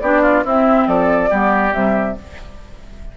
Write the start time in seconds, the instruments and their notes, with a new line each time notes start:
0.00 bassoon B3, clarinet D4, oboe G4, flute D5
0.22 oboe F4
0.44 bassoon C4, clarinet C4, oboe E4, flute E5
0.87 bassoon F3, oboe A4, flute D5
1.29 bassoon G3, clarinet B3, oboe G4
1.72 bassoon C3, clarinet G3, flute E5